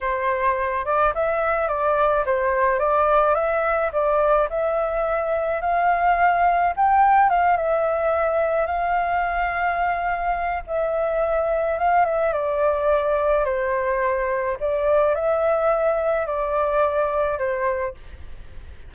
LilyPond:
\new Staff \with { instrumentName = "flute" } { \time 4/4 \tempo 4 = 107 c''4. d''8 e''4 d''4 | c''4 d''4 e''4 d''4 | e''2 f''2 | g''4 f''8 e''2 f''8~ |
f''2. e''4~ | e''4 f''8 e''8 d''2 | c''2 d''4 e''4~ | e''4 d''2 c''4 | }